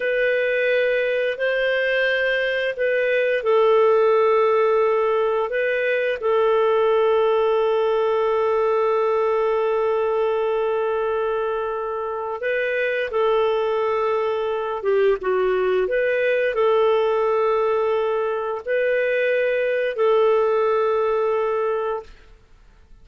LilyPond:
\new Staff \with { instrumentName = "clarinet" } { \time 4/4 \tempo 4 = 87 b'2 c''2 | b'4 a'2. | b'4 a'2.~ | a'1~ |
a'2 b'4 a'4~ | a'4. g'8 fis'4 b'4 | a'2. b'4~ | b'4 a'2. | }